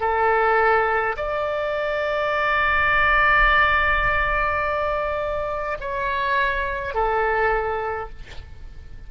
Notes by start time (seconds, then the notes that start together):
0.00 A4
1.16 D5
5.80 C#5
6.94 A4